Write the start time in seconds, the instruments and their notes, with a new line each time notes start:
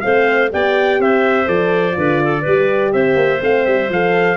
0.00 tuba A3, horn C4, clarinet C5, trumpet F5
0.50 tuba B3, horn G4, clarinet D5, trumpet G5
0.98 tuba C4, clarinet C5, trumpet E5
1.46 tuba F3, horn A4, trumpet D5
1.92 tuba D3, horn F4
1.98 clarinet B4
2.23 clarinet A4
2.42 tuba G3, horn G4, clarinet B4
2.92 tuba C4, clarinet C5, trumpet E5
3.15 tuba A#3
3.39 tuba A3, horn C4, trumpet F5
3.65 tuba G3, trumpet E5
3.89 tuba F3, horn A4, trumpet F5